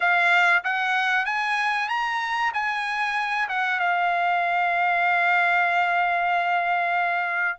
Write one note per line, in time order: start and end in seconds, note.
0.00 0.63 F5
0.63 1.25 F#5
1.25 1.88 G#5
1.88 2.51 A#5
2.53 3.48 G#5
3.49 3.79 F#5
3.79 7.58 F5